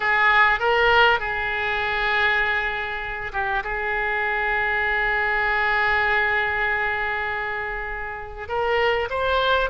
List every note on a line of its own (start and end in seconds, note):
0.00 0.59 G#4
0.59 1.19 A#4
1.19 3.31 G#4
3.33 3.63 G4
3.63 8.48 G#4
8.48 9.09 A#4
9.10 9.69 C5